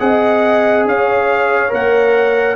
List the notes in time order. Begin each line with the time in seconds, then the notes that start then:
0.00 C4 G#4 D#5 F#5
0.86 C#4 C#5 F5
1.70 A#3 A#4 F#5